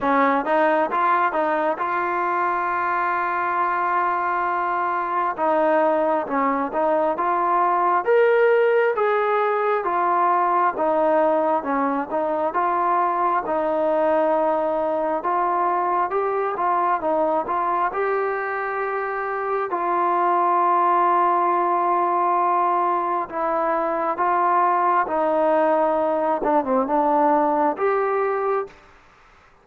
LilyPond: \new Staff \with { instrumentName = "trombone" } { \time 4/4 \tempo 4 = 67 cis'8 dis'8 f'8 dis'8 f'2~ | f'2 dis'4 cis'8 dis'8 | f'4 ais'4 gis'4 f'4 | dis'4 cis'8 dis'8 f'4 dis'4~ |
dis'4 f'4 g'8 f'8 dis'8 f'8 | g'2 f'2~ | f'2 e'4 f'4 | dis'4. d'16 c'16 d'4 g'4 | }